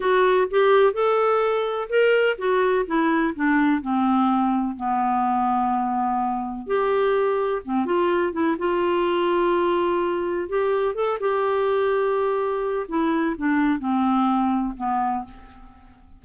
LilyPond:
\new Staff \with { instrumentName = "clarinet" } { \time 4/4 \tempo 4 = 126 fis'4 g'4 a'2 | ais'4 fis'4 e'4 d'4 | c'2 b2~ | b2 g'2 |
c'8 f'4 e'8 f'2~ | f'2 g'4 a'8 g'8~ | g'2. e'4 | d'4 c'2 b4 | }